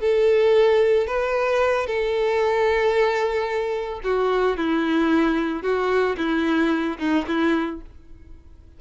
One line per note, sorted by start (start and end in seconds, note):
0.00 1.07 A4
1.07 1.87 B4
1.87 4.01 A4
4.04 4.57 F#4
4.57 5.63 E4
5.63 6.16 F#4
6.17 6.98 E4
6.99 7.25 D#4
7.28 7.81 E4